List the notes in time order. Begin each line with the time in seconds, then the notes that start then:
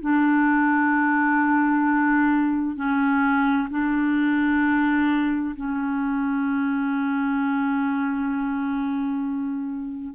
0.00 D4
2.75 C#4
3.70 D4
5.56 C#4